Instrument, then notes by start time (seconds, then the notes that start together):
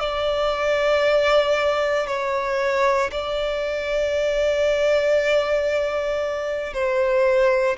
violin
0.00 D5
2.07 C#5
3.12 D5
6.73 C5